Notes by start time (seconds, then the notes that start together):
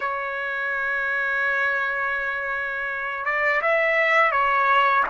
0.00 C#5
3.25 D5
3.61 E5
4.31 C#5